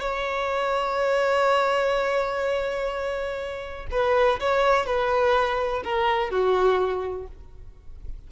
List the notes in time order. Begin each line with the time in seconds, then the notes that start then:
0.00 C#5
3.91 B4
4.40 C#5
4.86 B4
5.84 A#4
6.31 F#4